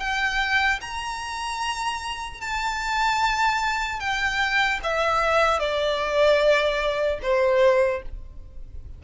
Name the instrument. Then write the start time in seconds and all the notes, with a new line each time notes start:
violin
0.00 G5
0.81 A#5
2.41 A5
4.00 G5
4.84 E5
5.59 D5
7.22 C5